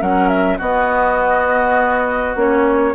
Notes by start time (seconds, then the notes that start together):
0.00 F#3 C#4 A#4 F#5
0.28 E5
0.58 B3 F#4 D#5
2.35 A#3 C#4 C#5